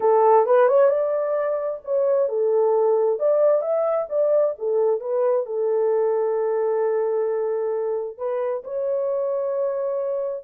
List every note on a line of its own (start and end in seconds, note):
0.00 0.46 A4
0.46 0.68 B4
0.68 0.89 C#5
0.89 1.80 D5
1.84 2.28 C#5
2.28 3.19 A4
3.19 3.61 D5
3.61 4.07 E5
4.09 4.54 D5
4.58 5.00 A4
5.00 5.45 B4
5.46 8.17 A4
8.17 8.63 B4
8.64 10.43 C#5